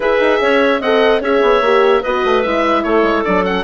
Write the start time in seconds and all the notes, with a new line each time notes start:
0.00 E4 G#4 B4 E5
0.20 D#4
0.41 C#4 C#5
0.80 C4 A4 D#5 F#5
1.20 C#4 G#4 C#5 E5
1.42 B3
1.61 A#3 G4
2.01 B3 F#4 B4 D#5
2.25 A3
2.42 G#3 E4 E5
2.83 A3 A4 C#5
3.02 G#3
3.24 F#3 D4 D5
3.43 C#4 F#5